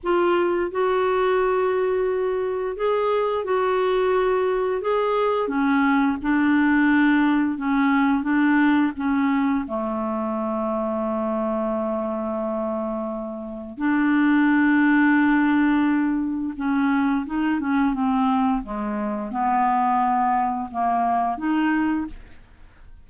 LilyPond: \new Staff \with { instrumentName = "clarinet" } { \time 4/4 \tempo 4 = 87 f'4 fis'2. | gis'4 fis'2 gis'4 | cis'4 d'2 cis'4 | d'4 cis'4 a2~ |
a1 | d'1 | cis'4 dis'8 cis'8 c'4 gis4 | b2 ais4 dis'4 | }